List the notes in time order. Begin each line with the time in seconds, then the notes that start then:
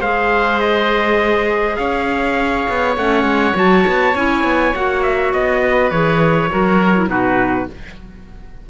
0.00 G#3 G#4 C5 F5
0.61 D#5
1.77 C#4 C#5 F5
2.69 B3
2.97 A3 C#4 F#5
3.24 G#3
3.54 F#3 F#4 A5
3.88 B3
4.15 C#4 E4 G#5
4.44 B3
4.75 A#3 F#4 F#5
5.03 E5
5.33 B3 D#5
5.62 B4
5.91 E3 G#4 C#5
6.50 F#3 F#4 A#4
6.96 E4
7.08 B2 D#4 F#4 B4